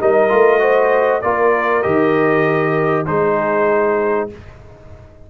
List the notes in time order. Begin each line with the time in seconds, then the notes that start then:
0.00 G3 D#4 A#4 D#5
0.28 A3 F4
0.59 F#4 C5
1.21 A#3 F4 A#4 D5
1.82 D#3 G4 D#5
3.06 G#3 D#4 G#4 C5